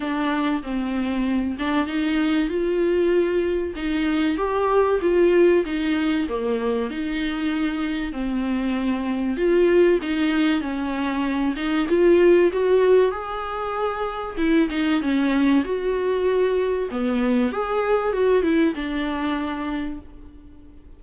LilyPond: \new Staff \with { instrumentName = "viola" } { \time 4/4 \tempo 4 = 96 d'4 c'4. d'8 dis'4 | f'2 dis'4 g'4 | f'4 dis'4 ais4 dis'4~ | dis'4 c'2 f'4 |
dis'4 cis'4. dis'8 f'4 | fis'4 gis'2 e'8 dis'8 | cis'4 fis'2 b4 | gis'4 fis'8 e'8 d'2 | }